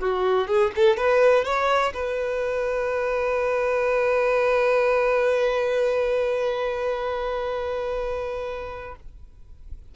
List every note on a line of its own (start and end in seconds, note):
0.00 0.47 F#4
0.47 0.71 G#4
0.75 0.97 A4
0.97 1.45 B4
1.45 1.93 C#5
1.94 8.95 B4